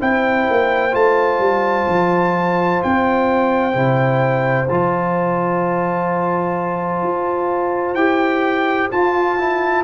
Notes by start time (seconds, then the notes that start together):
0.00 C4 E4 C5 G5
0.50 A#3
0.91 A3 F4 A5
1.39 G3
1.88 F3
2.83 C4 G5
3.73 C3 E4
4.69 F3 F4 A5
7.03 F4
7.95 E4 G4 G5
8.91 F4 A5
9.38 E4